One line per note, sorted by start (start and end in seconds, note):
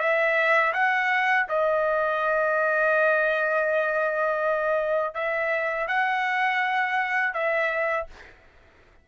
0.00 0.73 E5
0.74 1.47 F#5
1.49 5.15 D#5
5.15 5.88 E5
5.88 7.34 F#5
7.34 8.07 E5